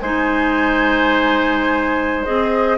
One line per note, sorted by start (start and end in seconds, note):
0.00 2.27 G#3
0.00 2.25 D#4
0.00 2.77 C5
0.00 2.25 G#5
2.25 2.77 C4
2.25 2.77 G#4
2.25 2.77 D#5